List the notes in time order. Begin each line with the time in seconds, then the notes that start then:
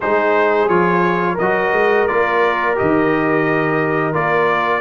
0.00 G#3 D#4 G#4 C5
0.68 F3 F4 C#5
1.34 A#4 D#5
1.40 F#3 F#4
1.73 G#3
2.07 A#3 F4 D5
2.75 D#3 G4 D#5
4.13 A#3 F4 D5